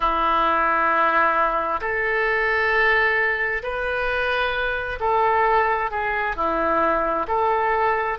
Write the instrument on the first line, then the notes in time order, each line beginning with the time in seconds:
oboe
0.00 E4
1.80 A4
3.62 B4
5.00 A4
5.90 G#4
6.36 E4
7.27 A4